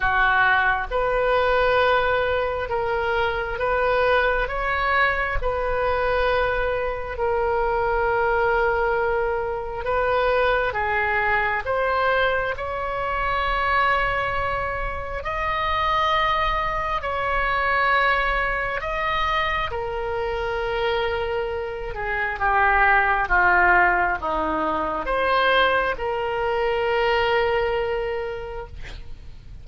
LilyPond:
\new Staff \with { instrumentName = "oboe" } { \time 4/4 \tempo 4 = 67 fis'4 b'2 ais'4 | b'4 cis''4 b'2 | ais'2. b'4 | gis'4 c''4 cis''2~ |
cis''4 dis''2 cis''4~ | cis''4 dis''4 ais'2~ | ais'8 gis'8 g'4 f'4 dis'4 | c''4 ais'2. | }